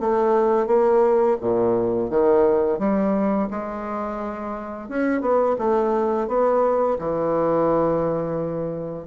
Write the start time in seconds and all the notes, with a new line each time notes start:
0.00 A3
0.67 A#3
1.40 A#2
2.10 D#3
2.79 G3
3.50 G#3
4.88 C#4
5.21 B3
5.58 A3
6.28 B3
6.99 E3